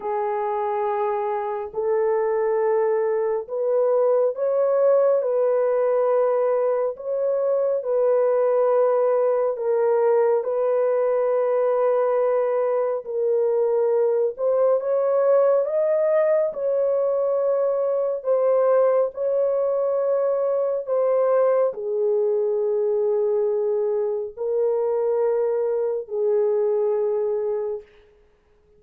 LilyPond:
\new Staff \with { instrumentName = "horn" } { \time 4/4 \tempo 4 = 69 gis'2 a'2 | b'4 cis''4 b'2 | cis''4 b'2 ais'4 | b'2. ais'4~ |
ais'8 c''8 cis''4 dis''4 cis''4~ | cis''4 c''4 cis''2 | c''4 gis'2. | ais'2 gis'2 | }